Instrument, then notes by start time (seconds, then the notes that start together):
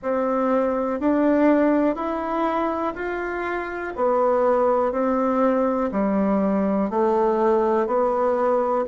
bassoon
0.02 C4
1.00 D4
1.95 E4
2.95 F4
3.96 B3
4.92 C4
5.91 G3
6.90 A3
7.86 B3